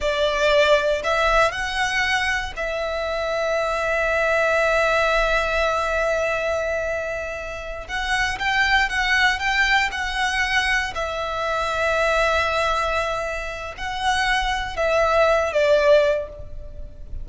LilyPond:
\new Staff \with { instrumentName = "violin" } { \time 4/4 \tempo 4 = 118 d''2 e''4 fis''4~ | fis''4 e''2.~ | e''1~ | e''2.~ e''8 fis''8~ |
fis''8 g''4 fis''4 g''4 fis''8~ | fis''4. e''2~ e''8~ | e''2. fis''4~ | fis''4 e''4. d''4. | }